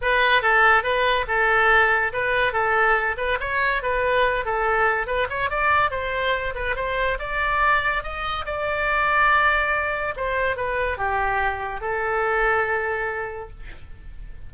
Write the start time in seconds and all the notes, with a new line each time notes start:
0.01 B4
0.42 A4
0.83 B4
1.27 A4
2.12 B4
2.52 A4
3.17 B4
3.40 C#5
3.82 B4
4.45 A4
5.06 B4
5.29 C#5
5.49 D5
5.90 C5
6.54 B4
6.75 C5
7.19 D5
8.03 D#5
8.45 D5
10.16 C5
10.56 B4
10.97 G4
11.80 A4